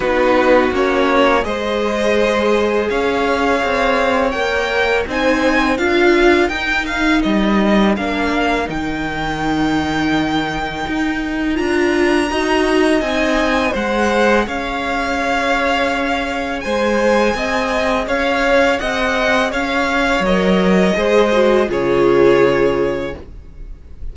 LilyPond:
<<
  \new Staff \with { instrumentName = "violin" } { \time 4/4 \tempo 4 = 83 b'4 cis''4 dis''2 | f''2 g''4 gis''4 | f''4 g''8 f''8 dis''4 f''4 | g''1 |
ais''2 gis''4 fis''4 | f''2. gis''4~ | gis''4 f''4 fis''4 f''4 | dis''2 cis''2 | }
  \new Staff \with { instrumentName = "violin" } { \time 4/4 fis'2 c''2 | cis''2. c''4 | ais'1~ | ais'1~ |
ais'4 dis''2 c''4 | cis''2. c''4 | dis''4 cis''4 dis''4 cis''4~ | cis''4 c''4 gis'2 | }
  \new Staff \with { instrumentName = "viola" } { \time 4/4 dis'4 cis'4 gis'2~ | gis'2 ais'4 dis'4 | f'4 dis'2 d'4 | dis'1 |
f'4 fis'4 dis'4 gis'4~ | gis'1~ | gis'1 | ais'4 gis'8 fis'8 f'2 | }
  \new Staff \with { instrumentName = "cello" } { \time 4/4 b4 ais4 gis2 | cis'4 c'4 ais4 c'4 | d'4 dis'4 g4 ais4 | dis2. dis'4 |
d'4 dis'4 c'4 gis4 | cis'2. gis4 | c'4 cis'4 c'4 cis'4 | fis4 gis4 cis2 | }
>>